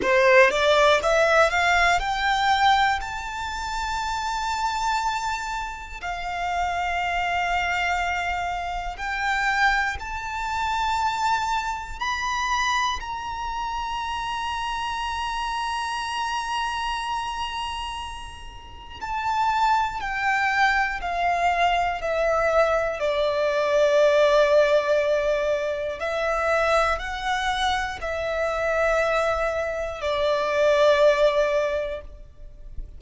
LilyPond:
\new Staff \with { instrumentName = "violin" } { \time 4/4 \tempo 4 = 60 c''8 d''8 e''8 f''8 g''4 a''4~ | a''2 f''2~ | f''4 g''4 a''2 | b''4 ais''2.~ |
ais''2. a''4 | g''4 f''4 e''4 d''4~ | d''2 e''4 fis''4 | e''2 d''2 | }